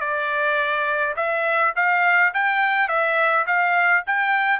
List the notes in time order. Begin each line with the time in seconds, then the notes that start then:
0.00 D5
1.16 E5
1.76 F5
2.34 G5
2.88 E5
3.47 F5
4.06 G5